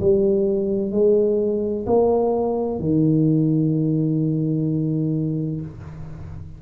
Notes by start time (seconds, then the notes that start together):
0.00 G3
0.92 G#3
1.87 A#3
2.80 D#3